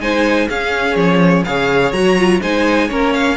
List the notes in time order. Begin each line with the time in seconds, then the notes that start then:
0.00 G#3 D#4 C5 G#5
0.48 C#4 G#4 F5
0.96 F3 C#5
1.45 C#3 G#4 C#5 F5
1.92 F#3 F#4 A#5
2.17 F4
2.41 G#3 D#4 C5 G#5
2.87 A#3 C#4 A#4 C#5
3.14 F5